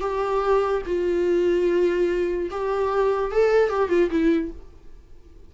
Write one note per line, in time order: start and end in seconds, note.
0.00 0.82 G4
0.86 2.49 F4
2.50 3.31 G4
3.31 3.69 A4
3.69 3.89 G4
3.89 4.09 F4
4.10 4.51 E4